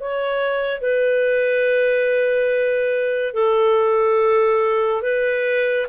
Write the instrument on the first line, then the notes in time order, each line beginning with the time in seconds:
clarinet
0.00 C#5
0.80 B4
3.33 A4
5.02 B4